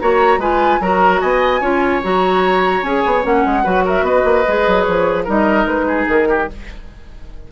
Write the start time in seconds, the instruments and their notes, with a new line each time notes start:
0.00 bassoon A#3, clarinet F#4, oboe C#5, flute A#5
0.38 bassoon G#3, clarinet F4, oboe B4, flute G#5
0.81 bassoon F#3, clarinet F#4, oboe A#4, flute A#5
1.21 bassoon B3, oboe D#5, flute G#5
1.60 bassoon C#4, clarinet F4, oboe C#5
2.03 bassoon F#3, clarinet F#4, flute A#5
2.82 bassoon C#4, clarinet G#4, flute G#5
3.06 bassoon B3
3.22 bassoon A#3, clarinet C#4, flute F#5
3.45 bassoon G#3
3.63 bassoon F#3, clarinet F#4, oboe B4
3.85 oboe A#4, flute E5
4.02 bassoon B3, oboe B4, flute D#5
4.25 bassoon A#3
4.47 bassoon G#3, clarinet G#4
4.67 bassoon F#3
4.83 bassoon F3, flute C#5
5.24 bassoon G3, clarinet D#4, oboe A#4, flute D#5
5.66 bassoon G#3, flute B4
5.88 oboe G#4
6.08 bassoon D#3, flute A#4
6.28 oboe G4